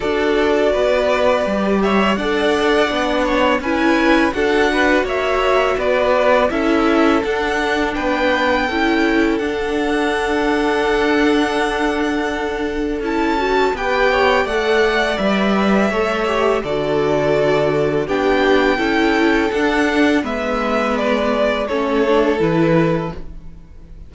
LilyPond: <<
  \new Staff \with { instrumentName = "violin" } { \time 4/4 \tempo 4 = 83 d''2~ d''8 e''8 fis''4~ | fis''4 gis''4 fis''4 e''4 | d''4 e''4 fis''4 g''4~ | g''4 fis''2.~ |
fis''2 a''4 g''4 | fis''4 e''2 d''4~ | d''4 g''2 fis''4 | e''4 d''4 cis''4 b'4 | }
  \new Staff \with { instrumentName = "violin" } { \time 4/4 a'4 b'4. cis''8 d''4~ | d''8 cis''8 b'4 a'8 b'8 cis''4 | b'4 a'2 b'4 | a'1~ |
a'2. b'8 cis''8 | d''2 cis''4 a'4~ | a'4 g'4 a'2 | b'2 a'2 | }
  \new Staff \with { instrumentName = "viola" } { \time 4/4 fis'2 g'4 a'4 | d'4 e'4 fis'2~ | fis'4 e'4 d'2 | e'4 d'2.~ |
d'2 e'8 fis'8 g'4 | a'4 b'4 a'8 g'8 fis'4~ | fis'4 d'4 e'4 d'4 | b2 cis'8 d'8 e'4 | }
  \new Staff \with { instrumentName = "cello" } { \time 4/4 d'4 b4 g4 d'4 | b4 cis'4 d'4 ais4 | b4 cis'4 d'4 b4 | cis'4 d'2.~ |
d'2 cis'4 b4 | a4 g4 a4 d4~ | d4 b4 cis'4 d'4 | gis2 a4 e4 | }
>>